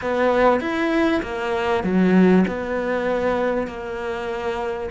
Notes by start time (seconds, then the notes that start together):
0.01 B3
0.60 E4
1.22 A#3
1.83 F#3
2.47 B3
3.67 A#3